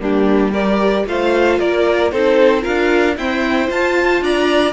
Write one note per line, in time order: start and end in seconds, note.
0.00 1.06 G3
0.00 0.53 A#3
0.00 0.52 D4
0.00 0.54 G4
0.52 1.07 G4
0.52 1.05 A#4
0.52 1.06 D5
1.07 1.60 A3
1.07 2.12 F4
1.07 1.59 C5
1.07 1.60 F5
1.59 2.12 A#3
1.59 2.12 A#4
1.59 2.12 D5
2.12 2.65 C4
2.12 2.62 D#4
2.12 2.63 A4
2.12 2.64 C5
2.62 3.17 D4
2.62 3.15 F4
2.62 3.15 A#4
2.62 3.17 F5
3.17 3.68 C4
3.17 3.70 E4
3.17 4.23 C5
3.17 3.70 G5
3.68 4.73 F4
3.68 4.21 F4
3.68 4.24 A5
4.21 4.73 D4
4.21 4.73 D5
4.21 4.73 A#5